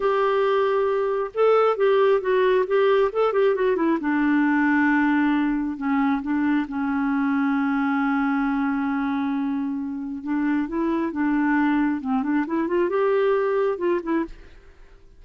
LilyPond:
\new Staff \with { instrumentName = "clarinet" } { \time 4/4 \tempo 4 = 135 g'2. a'4 | g'4 fis'4 g'4 a'8 g'8 | fis'8 e'8 d'2.~ | d'4 cis'4 d'4 cis'4~ |
cis'1~ | cis'2. d'4 | e'4 d'2 c'8 d'8 | e'8 f'8 g'2 f'8 e'8 | }